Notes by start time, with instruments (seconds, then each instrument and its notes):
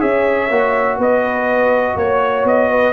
0.00 tuba C#4, trombone G#4, horn C#5, trumpet E5
0.51 tuba A#3, trombone F#4
0.98 tuba B3, horn B4, trumpet D#5
1.96 tuba A#3, trumpet C#5, horn C#5
2.44 tuba B3, trumpet D#5
2.71 horn B4